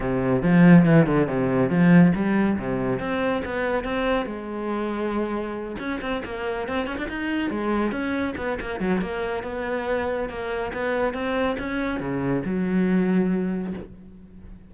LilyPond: \new Staff \with { instrumentName = "cello" } { \time 4/4 \tempo 4 = 140 c4 f4 e8 d8 c4 | f4 g4 c4 c'4 | b4 c'4 gis2~ | gis4. cis'8 c'8 ais4 c'8 |
cis'16 d'16 dis'4 gis4 cis'4 b8 | ais8 fis8 ais4 b2 | ais4 b4 c'4 cis'4 | cis4 fis2. | }